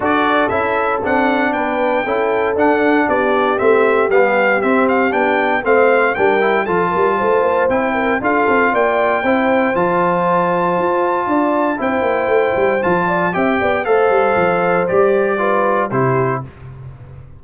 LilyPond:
<<
  \new Staff \with { instrumentName = "trumpet" } { \time 4/4 \tempo 4 = 117 d''4 e''4 fis''4 g''4~ | g''4 fis''4 d''4 e''4 | f''4 e''8 f''8 g''4 f''4 | g''4 a''2 g''4 |
f''4 g''2 a''4~ | a''2. g''4~ | g''4 a''4 g''4 f''4~ | f''4 d''2 c''4 | }
  \new Staff \with { instrumentName = "horn" } { \time 4/4 a'2. b'4 | a'2 g'2~ | g'2. c''4 | ais'4 a'8 ais'8 c''4. ais'8 |
a'4 d''4 c''2~ | c''2 d''4 c''4~ | c''4. d''8 e''8 d''8 c''4~ | c''2 b'4 g'4 | }
  \new Staff \with { instrumentName = "trombone" } { \time 4/4 fis'4 e'4 d'2 | e'4 d'2 c'4 | b4 c'4 d'4 c'4 | d'8 e'8 f'2 e'4 |
f'2 e'4 f'4~ | f'2. e'4~ | e'4 f'4 g'4 a'4~ | a'4 g'4 f'4 e'4 | }
  \new Staff \with { instrumentName = "tuba" } { \time 4/4 d'4 cis'4 c'4 b4 | cis'4 d'4 b4 a4 | g4 c'4 b4 a4 | g4 f8 g8 a8 ais8 c'4 |
d'8 c'8 ais4 c'4 f4~ | f4 f'4 d'4 c'8 ais8 | a8 g8 f4 c'8 b8 a8 g8 | f4 g2 c4 | }
>>